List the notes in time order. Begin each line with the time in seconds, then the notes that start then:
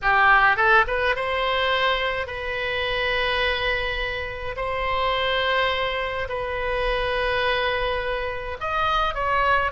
0.02 G4
0.56 A4
0.87 B4
1.15 C5
2.26 B4
4.56 C5
6.29 B4
8.60 D#5
9.14 C#5